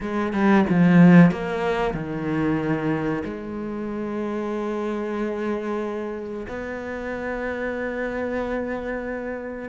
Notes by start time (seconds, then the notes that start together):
0.00 G#3
0.32 G3
0.69 F3
1.31 A#3
1.94 D#3
3.24 G#3
6.48 B3